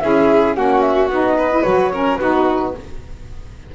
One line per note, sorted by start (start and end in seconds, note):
0.00 0.57 C#4
0.00 0.55 E4
0.00 0.57 G#4
0.00 0.55 E5
0.55 1.09 A#3
0.55 1.09 C#4
0.55 1.37 F#4
0.55 0.81 F#5
0.81 1.08 E5
1.09 1.64 B3
1.09 1.51 D#4
1.09 1.62 D#5
1.37 1.92 B4
1.51 1.64 E4
1.62 2.20 F#3
1.62 1.91 F#4
1.62 2.16 C#5
1.92 2.19 C#4
1.92 2.20 A#4
2.16 2.75 B3
2.16 2.74 D#4
2.16 2.75 F#4
2.16 2.71 B4